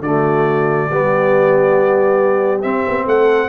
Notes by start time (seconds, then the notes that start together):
0.00 D3 A3 F#4 D5
0.89 G3 B3 G4
2.62 C4 E5
2.87 B3
3.06 A3 A4 F#5